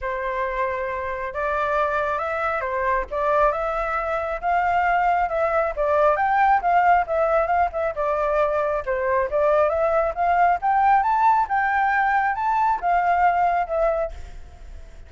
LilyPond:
\new Staff \with { instrumentName = "flute" } { \time 4/4 \tempo 4 = 136 c''2. d''4~ | d''4 e''4 c''4 d''4 | e''2 f''2 | e''4 d''4 g''4 f''4 |
e''4 f''8 e''8 d''2 | c''4 d''4 e''4 f''4 | g''4 a''4 g''2 | a''4 f''2 e''4 | }